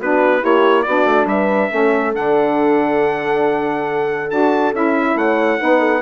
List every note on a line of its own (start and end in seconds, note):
0.00 0.43 B3
0.00 0.41 D4
0.00 0.42 F#4
0.00 0.44 B4
0.41 0.87 A#3
0.41 0.84 E4
0.41 0.85 G4
0.41 0.83 C#5
0.83 1.05 B3
0.83 1.70 D4
0.83 1.29 F#4
0.83 1.26 D5
1.05 1.25 A3
1.25 1.68 G3
1.25 1.71 B4
1.25 2.14 E5
1.70 2.15 A3
1.70 2.13 C#4
1.70 5.16 A4
2.13 4.31 D3
2.13 4.29 D4
2.13 4.31 F#5
4.30 4.73 D4
4.30 4.73 F#4
4.30 4.74 A5
4.73 5.15 C#4
4.73 5.59 E4
4.73 5.17 E5
5.15 5.58 A3
5.15 5.60 C#5
5.15 6.02 F#5
5.59 6.02 B3
5.59 6.02 D#4
5.59 5.79 B4
5.79 6.01 A4